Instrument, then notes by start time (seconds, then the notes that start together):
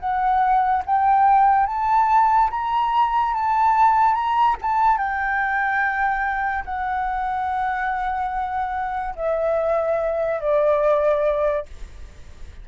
flute
0.00 F#5
0.86 G5
1.67 A5
2.51 A#5
3.34 A5
4.15 A#5
4.62 A5
4.98 G5
6.65 F#5
9.16 E5
10.41 D5